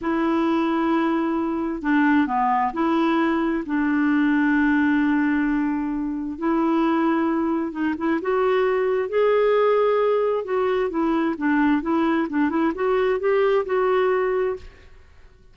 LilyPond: \new Staff \with { instrumentName = "clarinet" } { \time 4/4 \tempo 4 = 132 e'1 | d'4 b4 e'2 | d'1~ | d'2 e'2~ |
e'4 dis'8 e'8 fis'2 | gis'2. fis'4 | e'4 d'4 e'4 d'8 e'8 | fis'4 g'4 fis'2 | }